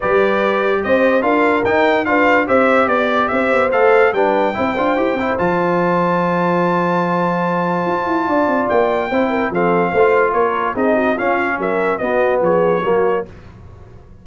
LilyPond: <<
  \new Staff \with { instrumentName = "trumpet" } { \time 4/4 \tempo 4 = 145 d''2 dis''4 f''4 | g''4 f''4 e''4 d''4 | e''4 f''4 g''2~ | g''4 a''2.~ |
a''1~ | a''4 g''2 f''4~ | f''4 cis''4 dis''4 f''4 | e''4 dis''4 cis''2 | }
  \new Staff \with { instrumentName = "horn" } { \time 4/4 b'2 c''4 ais'4~ | ais'4 b'4 c''4 d''4 | c''2 b'4 c''4~ | c''1~ |
c''1 | d''2 c''8 ais'8 a'4 | c''4 ais'4 gis'8 fis'8 f'4 | ais'4 fis'4 gis'4 fis'4 | }
  \new Staff \with { instrumentName = "trombone" } { \time 4/4 g'2. f'4 | dis'4 f'4 g'2~ | g'4 a'4 d'4 e'8 f'8 | g'8 e'8 f'2.~ |
f'1~ | f'2 e'4 c'4 | f'2 dis'4 cis'4~ | cis'4 b2 ais4 | }
  \new Staff \with { instrumentName = "tuba" } { \time 4/4 g2 c'4 d'4 | dis'4 d'4 c'4 b4 | c'8 b8 a4 g4 c'8 d'8 | e'8 c'8 f2.~ |
f2. f'8 e'8 | d'8 c'8 ais4 c'4 f4 | a4 ais4 c'4 cis'4 | fis4 b4 f4 fis4 | }
>>